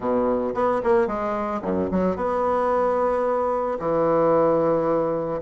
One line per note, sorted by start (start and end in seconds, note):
0.00 0.54 B2
0.54 0.81 B3
0.83 1.07 A#3
1.07 1.61 G#3
1.62 1.89 F#2
1.91 2.16 F#3
2.16 3.78 B3
3.79 5.41 E3